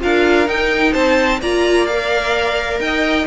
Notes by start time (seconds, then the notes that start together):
0.00 D4 F4 A#4 F5
0.46 D#4 G5
0.93 C4 C5 A5
1.42 A#3 F4 D5 A#5
1.86 A#4 F5
2.80 D#4 D#5 G5